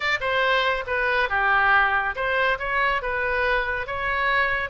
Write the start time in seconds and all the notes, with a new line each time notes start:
0.00 D5
0.20 C5
0.86 B4
1.29 G4
2.15 C5
2.59 C#5
3.02 B4
3.86 C#5